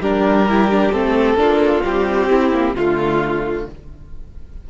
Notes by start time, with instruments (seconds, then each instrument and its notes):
0.00 cello G3, viola D4, violin G4 A#4
0.48 viola E4
0.71 viola D4
0.92 cello A3, viola C4, violin A4
1.35 cello A#3, viola D4, violin F4
1.84 viola G3, cello C4, violin G4
2.30 viola C4, violin E4
2.52 viola A#3
2.74 cello D3, viola A3, violin F4